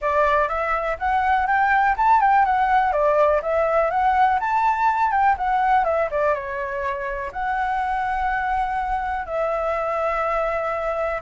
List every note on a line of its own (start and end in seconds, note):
0.01 0.48 D5
0.48 0.97 E5
0.98 1.46 F#5
1.46 1.95 G5
1.97 2.20 A5
2.20 2.45 G5
2.45 2.92 F#5
2.92 3.41 D5
3.42 3.90 E5
3.90 4.39 F#5
4.40 5.11 A5
5.11 5.35 G5
5.37 5.84 F#5
5.84 6.08 E5
6.10 6.33 D5
6.33 7.31 C#5
7.32 9.25 F#5
9.25 11.21 E5